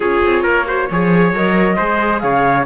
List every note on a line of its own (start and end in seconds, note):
0.00 0.23 C#4
0.00 0.65 F4
0.00 0.42 G#4
0.00 1.33 C#5
0.24 0.44 C4
0.42 0.89 A#3
0.42 0.65 A#4
0.66 0.88 F#4
0.66 0.90 C5
0.90 1.32 F3
0.90 1.35 G#4
0.90 1.76 C#5
1.32 1.77 F#3
1.32 1.76 A#4
1.32 2.20 D#5
1.76 2.23 G#3
1.76 2.65 G#4
1.76 2.20 C5
2.20 2.66 C#3
2.20 2.66 C#5
2.20 2.64 F5